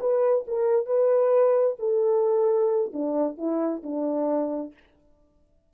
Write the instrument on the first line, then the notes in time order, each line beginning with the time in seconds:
horn
0.00 B4
0.47 A#4
0.86 B4
1.79 A4
2.93 D4
3.37 E4
3.83 D4